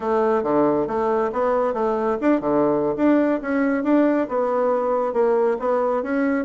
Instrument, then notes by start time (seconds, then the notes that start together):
bassoon
0.00 A3
0.43 D3
0.87 A3
1.32 B3
1.73 A3
2.20 D4
2.40 D3
2.96 D4
3.41 C#4
3.83 D4
4.28 B3
5.13 A#3
5.59 B3
6.02 C#4